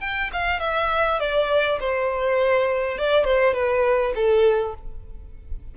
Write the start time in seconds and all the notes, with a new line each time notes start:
0.00 G5
0.32 F5
0.60 E5
1.19 D5
1.80 C5
2.98 D5
3.24 C5
3.53 B4
4.15 A4